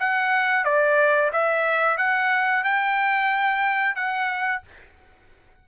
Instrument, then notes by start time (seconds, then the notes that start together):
trumpet
0.00 F#5
0.65 D5
1.33 E5
1.97 F#5
2.64 G5
3.95 F#5